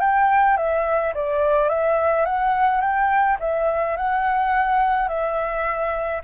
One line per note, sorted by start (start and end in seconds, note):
0.00 0.57 G5
0.57 1.13 E5
1.14 1.69 D5
1.69 2.25 E5
2.25 2.81 F#5
2.81 3.37 G5
3.40 3.96 E5
3.96 5.08 F#5
5.08 6.21 E5